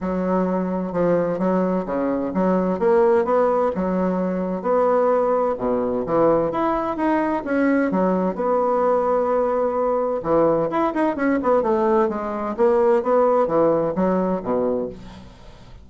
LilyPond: \new Staff \with { instrumentName = "bassoon" } { \time 4/4 \tempo 4 = 129 fis2 f4 fis4 | cis4 fis4 ais4 b4 | fis2 b2 | b,4 e4 e'4 dis'4 |
cis'4 fis4 b2~ | b2 e4 e'8 dis'8 | cis'8 b8 a4 gis4 ais4 | b4 e4 fis4 b,4 | }